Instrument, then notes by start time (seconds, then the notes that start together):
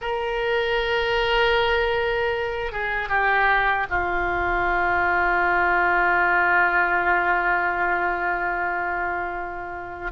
oboe
0.01 A#4
2.72 G#4
3.09 G4
3.89 F4